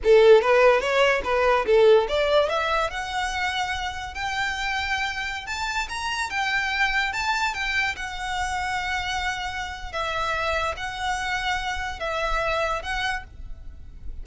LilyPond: \new Staff \with { instrumentName = "violin" } { \time 4/4 \tempo 4 = 145 a'4 b'4 cis''4 b'4 | a'4 d''4 e''4 fis''4~ | fis''2 g''2~ | g''4~ g''16 a''4 ais''4 g''8.~ |
g''4~ g''16 a''4 g''4 fis''8.~ | fis''1 | e''2 fis''2~ | fis''4 e''2 fis''4 | }